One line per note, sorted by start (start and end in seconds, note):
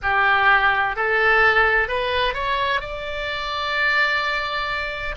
0.02 0.96 G4
0.96 1.87 A4
1.87 2.34 B4
2.34 2.80 C#5
2.80 5.15 D5